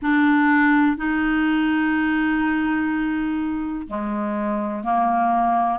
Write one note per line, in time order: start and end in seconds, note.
0.02 0.96 D4
0.96 3.87 D#4
3.87 4.83 G#3
4.83 5.79 A#3